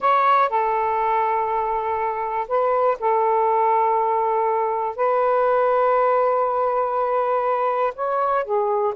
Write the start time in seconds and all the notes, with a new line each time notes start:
0.00 C#5
0.49 A4
2.48 B4
2.99 A4
4.96 B4
7.95 C#5
8.44 G#4